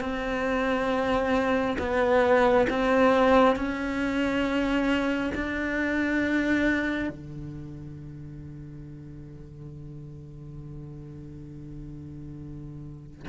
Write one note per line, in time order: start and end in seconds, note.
0.00 1.76 C4
1.78 2.66 B3
2.69 3.55 C4
3.55 5.32 C#4
5.35 7.09 D4
7.09 13.27 D3